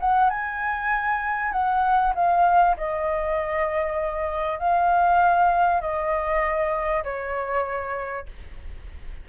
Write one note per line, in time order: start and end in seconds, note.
0.00 0.29 F#5
0.29 1.52 G#5
1.52 2.13 F#5
2.15 2.76 F5
2.77 4.59 D#5
4.59 5.81 F5
5.81 7.03 D#5
7.04 8.26 C#5